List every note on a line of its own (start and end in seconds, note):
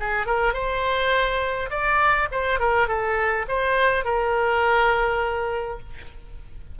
0.00 0.26 G#4
0.26 0.53 A#4
0.53 1.70 C5
1.70 2.29 D5
2.32 2.59 C5
2.59 2.88 A#4
2.88 3.46 A4
3.48 4.05 C5
4.05 5.80 A#4